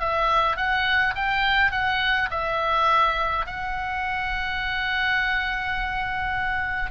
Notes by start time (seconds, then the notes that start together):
0.00 E5
0.57 F#5
1.16 G5
1.72 F#5
2.31 E5
3.47 F#5